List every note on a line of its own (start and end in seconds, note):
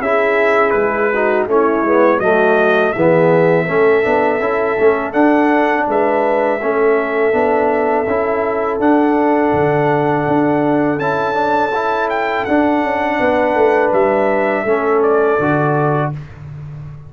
0.00 0.73 C#4
0.00 1.14 E4
0.00 1.10 G#4
0.00 0.70 E5
0.70 1.46 G#3
0.70 1.43 B4
1.12 1.49 D#4
1.12 1.49 F#4
1.46 1.82 A3
1.46 1.86 C#4
1.46 2.20 E4
1.46 2.19 C#5
1.82 2.19 G#3
1.82 2.22 B3
2.19 2.92 F#3
2.19 2.95 A3
2.19 2.93 F#4
2.19 2.92 D#5
2.92 3.68 E3
2.92 3.67 B3
2.92 3.64 G#4
2.92 5.12 E5
3.64 4.05 A3
3.64 4.03 C#4
3.64 5.84 A4
4.03 4.39 B3
4.03 4.39 D4
4.39 4.76 C#4
4.39 4.77 E4
4.78 5.14 A3
4.78 5.13 C#4
5.12 6.60 D4
5.12 5.87 D4
5.12 5.86 F#5
5.87 6.61 G#3
5.87 6.61 B4
5.87 8.80 E5
6.62 7.33 A3
6.62 7.32 C#4
6.62 13.20 A4
7.32 8.06 B3
7.32 8.05 D4
8.07 8.79 C#4
8.07 8.80 E4
8.79 9.53 D4
8.79 10.99 D4
8.79 10.99 F#5
9.53 10.26 D3
10.27 10.98 D4
10.98 12.44 C#4
10.98 11.34 E4
10.98 12.09 A5
11.34 11.70 D4
11.75 12.48 E4
12.09 12.45 G5
12.45 12.82 D4
12.45 14.66 D4
12.45 13.91 F#5
12.82 13.19 C#4
13.19 13.55 B3
13.19 14.64 B4
13.55 13.91 A3
13.92 14.65 G3
13.92 15.02 E5
14.64 15.38 A3
14.64 15.39 C#4
14.64 16.10 A4
15.02 16.12 D5
15.39 16.12 D3
15.39 16.13 F#4